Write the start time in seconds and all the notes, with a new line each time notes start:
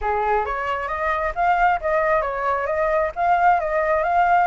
0.01 G#4
0.45 C#5
0.88 D#5
1.35 F5
1.81 D#5
2.21 C#5
2.66 D#5
3.15 F5
3.59 D#5
4.03 F5